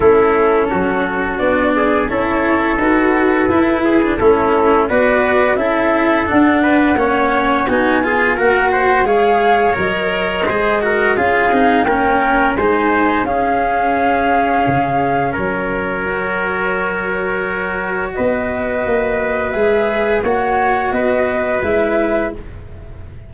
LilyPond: <<
  \new Staff \with { instrumentName = "flute" } { \time 4/4 \tempo 4 = 86 a'2 d''4 cis''4 | b'2 a'4 d''4 | e''4 fis''2 gis''4 | fis''4 f''4 dis''2 |
f''4 g''4 gis''4 f''4~ | f''2 cis''2~ | cis''2 dis''2 | e''4 fis''4 dis''4 e''4 | }
  \new Staff \with { instrumentName = "trumpet" } { \time 4/4 e'4 fis'4. gis'8 a'4~ | a'4. gis'8 e'4 b'4 | a'4. b'8 cis''4 fis'8 gis'8 | ais'8 c''8 cis''2 c''8 ais'8 |
gis'4 ais'4 c''4 gis'4~ | gis'2 ais'2~ | ais'2 b'2~ | b'4 cis''4 b'2 | }
  \new Staff \with { instrumentName = "cello" } { \time 4/4 cis'2 d'4 e'4 | fis'4 e'8. d'16 cis'4 fis'4 | e'4 d'4 cis'4 dis'8 f'8 | fis'4 gis'4 ais'4 gis'8 fis'8 |
f'8 dis'8 cis'4 dis'4 cis'4~ | cis'2. fis'4~ | fis'1 | gis'4 fis'2 e'4 | }
  \new Staff \with { instrumentName = "tuba" } { \time 4/4 a4 fis4 b4 cis'4 | dis'4 e'4 a4 b4 | cis'4 d'4 ais4 b4 | ais4 gis4 fis4 gis4 |
cis'8 c'8 ais4 gis4 cis'4~ | cis'4 cis4 fis2~ | fis2 b4 ais4 | gis4 ais4 b4 gis4 | }
>>